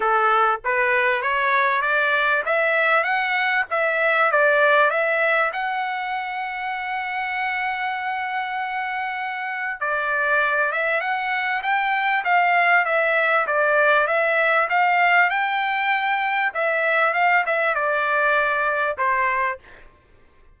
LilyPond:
\new Staff \with { instrumentName = "trumpet" } { \time 4/4 \tempo 4 = 98 a'4 b'4 cis''4 d''4 | e''4 fis''4 e''4 d''4 | e''4 fis''2.~ | fis''1 |
d''4. e''8 fis''4 g''4 | f''4 e''4 d''4 e''4 | f''4 g''2 e''4 | f''8 e''8 d''2 c''4 | }